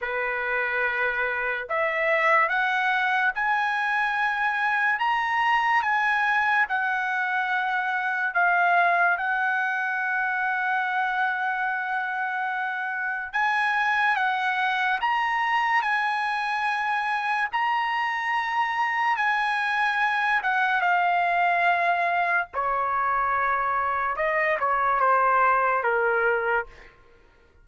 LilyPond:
\new Staff \with { instrumentName = "trumpet" } { \time 4/4 \tempo 4 = 72 b'2 e''4 fis''4 | gis''2 ais''4 gis''4 | fis''2 f''4 fis''4~ | fis''1 |
gis''4 fis''4 ais''4 gis''4~ | gis''4 ais''2 gis''4~ | gis''8 fis''8 f''2 cis''4~ | cis''4 dis''8 cis''8 c''4 ais'4 | }